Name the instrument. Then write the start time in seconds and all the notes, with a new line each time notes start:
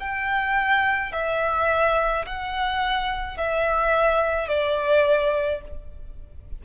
violin
0.00 G5
1.12 E5
2.26 F#5
3.38 E5
4.48 D5